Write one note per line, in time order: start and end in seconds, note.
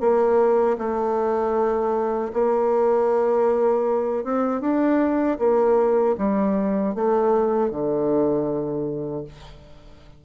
0.00 0.77 A#3
0.78 2.32 A3
2.33 4.24 A#3
4.24 4.61 C4
4.61 5.38 D4
5.39 6.16 A#3
6.17 6.94 G3
6.95 7.70 A3
7.70 9.24 D3